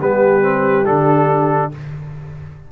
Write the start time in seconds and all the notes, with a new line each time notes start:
0.00 G3 B3 G4 B4
0.42 C4
0.86 D3 D4 A4